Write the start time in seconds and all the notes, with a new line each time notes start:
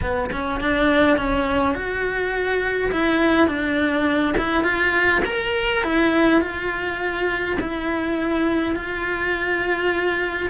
0.01 B3
0.32 C#4
0.60 D4
1.17 C#4
1.74 F#4
2.91 E4
3.47 D4
4.37 E4
4.63 F4
5.25 A#4
5.83 E4
6.41 F4
7.60 E4
8.75 F4